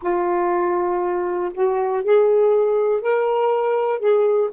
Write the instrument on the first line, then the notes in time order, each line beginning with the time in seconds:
saxophone
0.01 F4
1.54 F#4
2.04 G#4
3.01 A#4
3.99 G#4